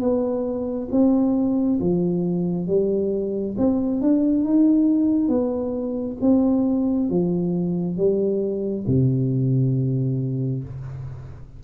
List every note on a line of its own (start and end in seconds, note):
0.00 0.88 B3
0.91 1.80 C4
1.80 2.68 F3
2.68 3.56 G3
3.58 4.01 C4
4.01 4.44 D4
4.44 5.29 D#4
5.29 6.17 B3
6.21 7.09 C4
7.10 7.97 F3
7.97 8.86 G3
8.88 10.64 C3